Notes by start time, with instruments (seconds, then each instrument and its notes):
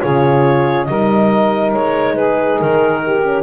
0.00 double bass C#3, horn F4, saxophone G#4, clarinet C#5
0.84 double bass G3, horn D#4, saxophone A#4, clarinet D#5
1.73 double bass G#3, clarinet C#5
2.14 saxophone G#4, clarinet B4
2.60 double bass D#3, clarinet A#4
3.03 saxophone G4
3.23 horn C#4